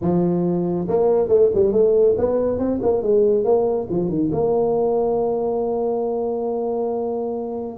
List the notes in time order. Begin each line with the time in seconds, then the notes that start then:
0.01 F3
0.88 A#3
1.28 A3
1.54 G3
1.72 A3
2.17 B3
2.58 C4
2.82 A#3
3.02 G#3
3.44 A#3
3.89 F3
4.09 D#3
4.32 A#3